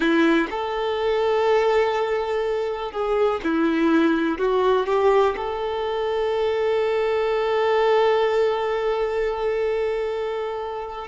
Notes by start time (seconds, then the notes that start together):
0.00 E4
0.50 A4
2.92 G#4
3.43 E4
4.38 F#4
4.86 G4
5.36 A4